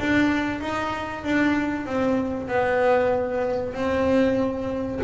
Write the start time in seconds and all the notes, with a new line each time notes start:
0.00 D4
0.61 D#4
1.24 D4
1.86 C4
2.48 B3
3.74 C4